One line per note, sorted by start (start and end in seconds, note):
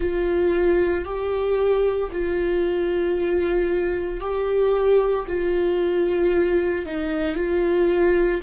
0.00 1.04 F4
1.04 2.10 G4
2.11 4.20 F4
4.20 5.25 G4
5.27 6.85 F4
6.85 7.35 D#4
7.35 8.41 F4